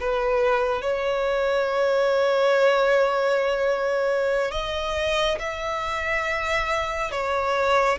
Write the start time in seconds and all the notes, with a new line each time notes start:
0.00 B4
0.81 C#5
4.51 D#5
5.39 E5
7.11 C#5